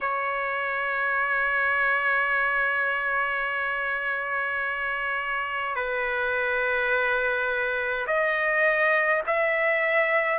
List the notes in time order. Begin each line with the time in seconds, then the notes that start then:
0.00 C#5
5.75 B4
8.06 D#5
9.26 E5